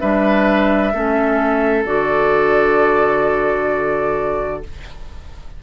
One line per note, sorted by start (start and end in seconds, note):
0.00 0.93 G3
0.00 0.93 D4
0.00 0.93 B4
0.00 1.85 E5
0.93 1.86 A3
0.93 1.86 C#4
0.93 4.63 A4
1.86 4.62 D3
1.86 4.63 F#4
1.86 4.63 D5